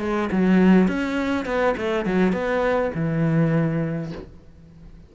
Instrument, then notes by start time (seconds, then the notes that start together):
cello
0.00 G#3
0.32 F#3
0.88 C#4
1.46 B3
1.77 A3
2.06 F#3
2.33 B3
2.95 E3